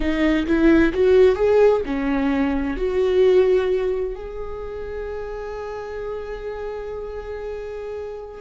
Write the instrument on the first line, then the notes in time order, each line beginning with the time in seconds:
viola
0.00 D#4
0.46 E4
0.93 F#4
1.35 G#4
1.85 C#4
2.77 F#4
4.15 G#4